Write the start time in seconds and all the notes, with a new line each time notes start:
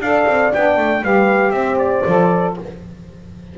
0.00 D4 A4 D5 F5
0.27 C4
0.54 B3 D4 G5
0.77 A3
1.02 G3 G4 B4 F5
1.51 C4 C5 E5
1.78 D5
2.06 F3 A4